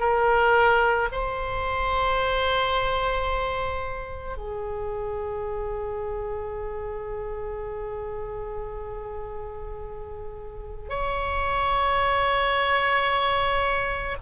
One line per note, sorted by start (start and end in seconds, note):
0.00 1.09 A#4
1.12 4.37 C5
4.37 10.89 G#4
10.89 14.17 C#5